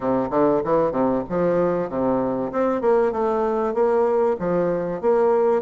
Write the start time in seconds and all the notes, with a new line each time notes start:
0.00 C3
0.30 D3
0.64 E3
0.91 C3
1.29 F3
1.89 C3
2.51 C4
2.81 A#3
3.12 A3
3.74 A#3
4.39 F3
5.01 A#3